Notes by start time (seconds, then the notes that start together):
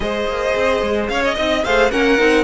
0.00 G#3 G#4 C5 D#5
0.27 A#3
0.55 C4
0.82 G#3
1.09 C#4 C#5 F5
1.23 D#5
1.34 C4 D#4 D#5
1.64 A3 G#4 C5 F5
1.90 A#3 C#4 A#4 F#5
2.18 C4 D#4